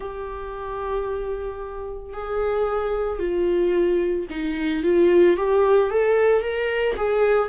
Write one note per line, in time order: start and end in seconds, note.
0.00 2.13 G4
2.13 3.19 G#4
3.19 4.26 F4
4.30 4.83 D#4
4.83 5.36 F4
5.36 5.90 G4
5.90 6.41 A4
6.41 6.94 A#4
6.96 7.49 G#4